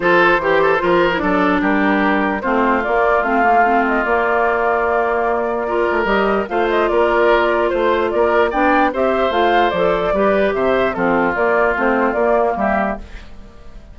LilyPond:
<<
  \new Staff \with { instrumentName = "flute" } { \time 4/4 \tempo 4 = 148 c''2. d''4 | ais'2 c''4 d''4 | f''4. dis''8 d''2~ | d''2. dis''4 |
f''8 dis''8 d''2 c''4 | d''4 g''4 e''4 f''4 | d''2 e''4 a'4 | d''4 c''4 d''4 e''4 | }
  \new Staff \with { instrumentName = "oboe" } { \time 4/4 a'4 g'8 a'8 ais'4 a'4 | g'2 f'2~ | f'1~ | f'2 ais'2 |
c''4 ais'2 c''4 | ais'4 d''4 c''2~ | c''4 b'4 c''4 f'4~ | f'2. g'4 | }
  \new Staff \with { instrumentName = "clarinet" } { \time 4/4 f'4 g'4 f'8. e'16 d'4~ | d'2 c'4 ais4 | c'8 ais8 c'4 ais2~ | ais2 f'4 g'4 |
f'1~ | f'4 d'4 g'4 f'4 | a'4 g'2 c'4 | ais4 c'4 ais2 | }
  \new Staff \with { instrumentName = "bassoon" } { \time 4/4 f4 e4 f4 fis4 | g2 a4 ais4 | a2 ais2~ | ais2~ ais8 a8 g4 |
a4 ais2 a4 | ais4 b4 c'4 a4 | f4 g4 c4 f4 | ais4 a4 ais4 g4 | }
>>